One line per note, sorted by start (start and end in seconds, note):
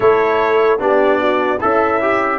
0.00 0.79 A3
0.00 0.78 E4
0.00 0.80 A4
0.00 0.79 C#5
0.78 1.59 B3
0.78 1.58 D4
0.78 1.20 G4
0.78 1.61 D5
1.20 1.60 F#4
1.60 2.39 C#4
1.60 2.39 E4
1.60 2.01 A4
1.60 2.39 E5
2.01 2.39 G4